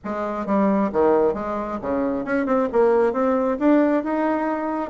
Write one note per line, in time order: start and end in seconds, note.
0.04 0.45 G#3
0.45 0.90 G3
0.92 1.34 D#3
1.34 1.78 G#3
1.81 2.24 C#3
2.24 2.45 C#4
2.45 2.68 C4
2.72 3.13 A#3
3.13 3.57 C4
3.59 4.03 D4
4.03 4.90 D#4